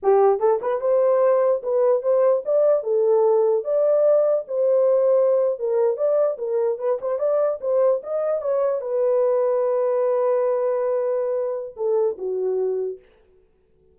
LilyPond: \new Staff \with { instrumentName = "horn" } { \time 4/4 \tempo 4 = 148 g'4 a'8 b'8 c''2 | b'4 c''4 d''4 a'4~ | a'4 d''2 c''4~ | c''4.~ c''16 ais'4 d''4 ais'16~ |
ais'8. b'8 c''8 d''4 c''4 dis''16~ | dis''8. cis''4 b'2~ b'16~ | b'1~ | b'4 a'4 fis'2 | }